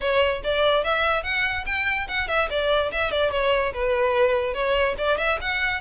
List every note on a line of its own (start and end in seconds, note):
0.00 0.42 C#5
0.43 0.84 D5
0.84 1.23 E5
1.23 1.64 F#5
1.66 2.07 G5
2.08 2.28 F#5
2.28 2.48 E5
2.50 2.91 D5
2.91 3.11 E5
3.11 3.31 D5
3.31 3.72 C#5
3.73 4.53 B4
4.53 4.95 C#5
4.97 5.18 D5
5.18 5.38 E5
5.41 5.81 F#5